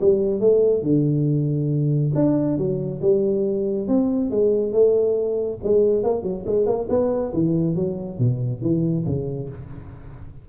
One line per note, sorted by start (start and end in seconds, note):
0.00 0.40 G3
0.40 0.82 A3
0.82 2.12 D3
2.15 2.57 D4
2.57 3.01 F#3
3.01 3.87 G3
3.87 4.30 C4
4.30 4.72 G#3
4.72 5.58 A3
5.63 6.03 G#3
6.03 6.23 A#3
6.23 6.44 F#3
6.46 6.66 G#3
6.66 6.87 A#3
6.89 7.32 B3
7.33 7.75 E3
7.75 8.18 F#3
8.18 8.62 B2
8.62 9.05 E3
9.05 9.49 C#3